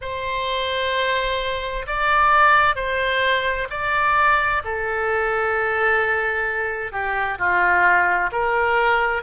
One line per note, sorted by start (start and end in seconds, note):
0.01 1.85 C5
1.86 2.75 D5
2.75 3.68 C5
3.70 4.62 D5
4.64 6.91 A4
6.91 7.38 G4
7.38 8.30 F4
8.32 9.22 A#4